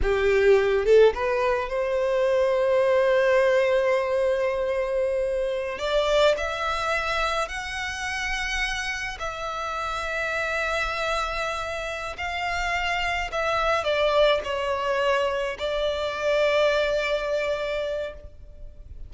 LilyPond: \new Staff \with { instrumentName = "violin" } { \time 4/4 \tempo 4 = 106 g'4. a'8 b'4 c''4~ | c''1~ | c''2~ c''16 d''4 e''8.~ | e''4~ e''16 fis''2~ fis''8.~ |
fis''16 e''2.~ e''8.~ | e''4. f''2 e''8~ | e''8 d''4 cis''2 d''8~ | d''1 | }